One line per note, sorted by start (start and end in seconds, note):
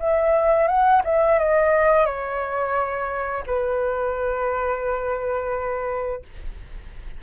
0.00 0.68 E5
0.68 1.03 F#5
1.05 1.39 E5
1.39 2.06 D#5
2.06 3.44 C#5
3.47 6.23 B4